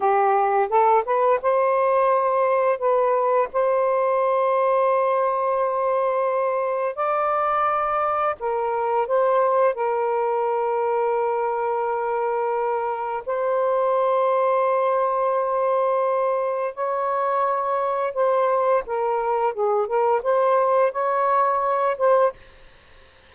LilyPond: \new Staff \with { instrumentName = "saxophone" } { \time 4/4 \tempo 4 = 86 g'4 a'8 b'8 c''2 | b'4 c''2.~ | c''2 d''2 | ais'4 c''4 ais'2~ |
ais'2. c''4~ | c''1 | cis''2 c''4 ais'4 | gis'8 ais'8 c''4 cis''4. c''8 | }